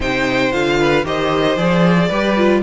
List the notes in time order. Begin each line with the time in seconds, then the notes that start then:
0.00 C3 D#4 C5 G5
0.52 D3 F4 F5
0.79 B4
1.04 D#3 G4 C5 D#5
1.57 F3 G#4 D5
2.08 G3 G4 B4
2.36 F4